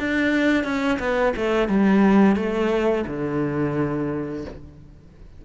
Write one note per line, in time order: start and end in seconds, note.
0.00 0.64 D4
0.64 0.99 C#4
0.99 1.34 B3
1.37 1.69 A3
1.69 2.36 G3
2.36 3.05 A3
3.07 4.45 D3